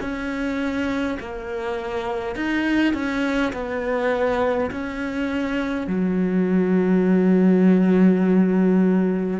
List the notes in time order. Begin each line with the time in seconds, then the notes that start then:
0.00 C#4
1.19 A#3
2.35 D#4
2.94 C#4
3.52 B3
4.71 C#4
5.87 F#3